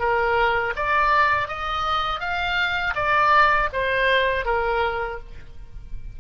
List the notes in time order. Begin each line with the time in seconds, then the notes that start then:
0.00 A#4
0.77 D5
1.48 D#5
2.20 F5
2.96 D5
3.73 C5
4.45 A#4